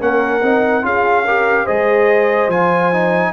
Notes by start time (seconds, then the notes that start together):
0.00 A#3 C#4 A#4 F#5
0.42 C4 D#4
0.83 C#4 F4 G#4 F5
1.25 G4 A#4
1.65 G#3 G#4 C5 D#5
2.48 F3 F4 G#5
2.93 D#4